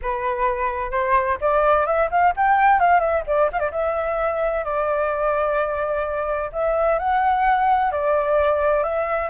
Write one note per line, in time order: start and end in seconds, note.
0.02 0.91 B4
0.91 1.37 C5
1.40 1.86 D5
1.86 2.09 E5
2.10 2.34 F5
2.36 2.80 G5
2.80 3.00 F5
3.00 3.23 E5
3.27 3.50 D5
3.52 3.59 F5
3.59 3.71 D5
3.71 4.64 E5
4.64 6.50 D5
6.52 6.99 E5
6.99 7.91 F#5
7.91 8.83 D5
8.83 9.29 E5